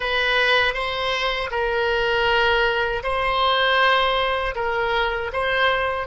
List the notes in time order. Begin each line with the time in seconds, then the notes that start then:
0.00 B4
0.74 C5
1.51 A#4
3.03 C5
4.55 A#4
5.33 C5